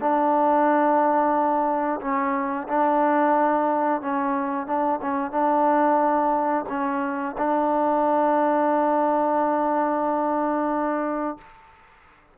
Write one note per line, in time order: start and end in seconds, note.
0.00 2.00 D4
2.01 2.67 C#4
2.68 4.01 D4
4.01 4.66 C#4
4.66 5.00 D4
5.02 5.31 C#4
5.31 6.65 D4
6.69 7.35 C#4
7.38 11.38 D4